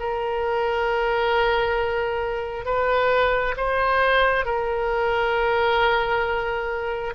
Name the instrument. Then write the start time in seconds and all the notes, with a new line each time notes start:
oboe
0.00 A#4
2.65 B4
3.57 C5
4.46 A#4